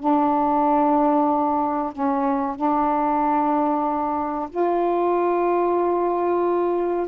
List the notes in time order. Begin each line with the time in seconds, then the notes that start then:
0.00 D4
1.93 C#4
2.56 D4
4.50 F4